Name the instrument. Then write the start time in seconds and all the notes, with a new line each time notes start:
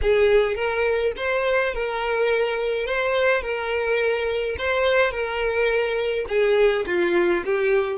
violin
0.01 G#4
0.55 A#4
1.16 C5
1.74 A#4
2.86 C5
3.42 A#4
4.58 C5
5.11 A#4
6.28 G#4
6.86 F4
7.45 G4